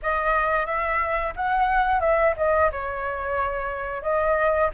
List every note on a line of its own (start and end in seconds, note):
0.02 0.66 D#5
0.66 1.33 E5
1.36 2.00 F#5
2.00 2.34 E5
2.37 2.70 D#5
2.71 4.02 C#5
4.02 4.69 D#5